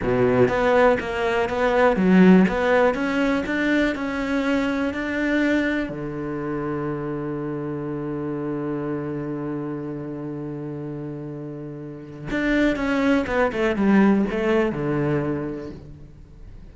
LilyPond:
\new Staff \with { instrumentName = "cello" } { \time 4/4 \tempo 4 = 122 b,4 b4 ais4 b4 | fis4 b4 cis'4 d'4 | cis'2 d'2 | d1~ |
d1~ | d1~ | d4 d'4 cis'4 b8 a8 | g4 a4 d2 | }